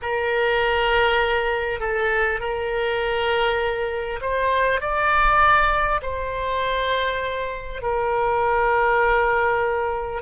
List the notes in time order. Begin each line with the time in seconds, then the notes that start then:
0.02 A#4
1.79 A4
2.39 A#4
4.21 C5
4.80 D5
6.02 C5
7.82 A#4